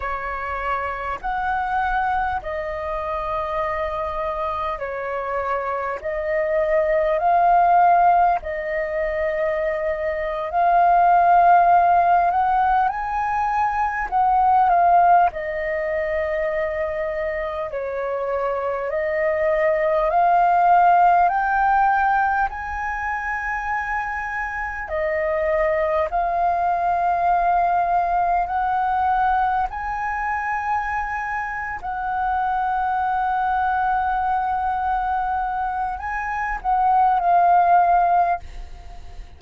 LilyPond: \new Staff \with { instrumentName = "flute" } { \time 4/4 \tempo 4 = 50 cis''4 fis''4 dis''2 | cis''4 dis''4 f''4 dis''4~ | dis''8. f''4. fis''8 gis''4 fis''16~ | fis''16 f''8 dis''2 cis''4 dis''16~ |
dis''8. f''4 g''4 gis''4~ gis''16~ | gis''8. dis''4 f''2 fis''16~ | fis''8. gis''4.~ gis''16 fis''4.~ | fis''2 gis''8 fis''8 f''4 | }